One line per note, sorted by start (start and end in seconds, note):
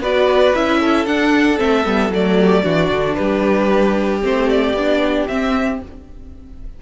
0.00 0.53 B3
0.00 0.55 F#4
0.00 0.80 B4
0.00 0.55 D5
0.55 1.06 C#4
0.55 1.07 E4
0.55 1.06 E5
0.80 2.38 A4
1.06 1.59 D4
1.06 1.58 D4
1.06 1.59 F#5
1.58 1.86 A3
1.58 1.84 C4
1.58 2.13 E5
1.86 2.10 G3
1.86 2.12 B3
2.10 2.62 F#3
2.10 2.64 A3
2.10 3.15 D5
2.39 2.64 G4
2.64 2.91 E3
2.64 4.22 D4
2.64 3.17 F#4
2.92 3.18 D3
3.15 4.24 G3
3.15 5.81 G4
3.15 4.20 B4
4.22 4.74 A3
4.22 4.75 C4
4.22 4.50 C5
4.50 5.28 D5
4.74 5.27 B3
4.74 5.29 D4
5.28 5.82 C4
5.28 5.81 E5